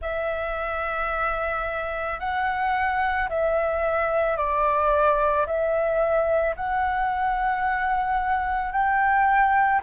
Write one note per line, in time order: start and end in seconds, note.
0.01 2.19 E5
2.19 3.28 F#5
3.29 4.36 E5
4.36 5.45 D5
5.46 6.55 E5
6.56 8.72 F#5
8.72 9.81 G5